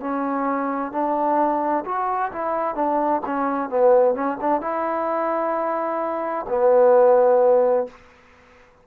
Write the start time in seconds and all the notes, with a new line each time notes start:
0.00 C#4
0.92 D4
1.85 F#4
2.32 E4
2.75 D4
3.26 C#4
3.69 B3
4.14 C#4
4.41 D4
4.61 E4
6.48 B3